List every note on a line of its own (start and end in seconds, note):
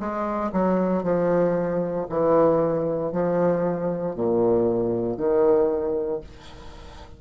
0.00 0.52 G#3
0.53 1.04 F#3
1.04 2.07 F3
2.10 3.12 E3
3.12 4.16 F3
4.16 5.18 A#2
5.18 6.21 D#3